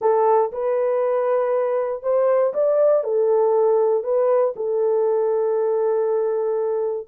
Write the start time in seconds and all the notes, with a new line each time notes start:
0.01 A4
0.52 B4
2.02 C5
2.53 D5
3.03 A4
4.03 B4
4.56 A4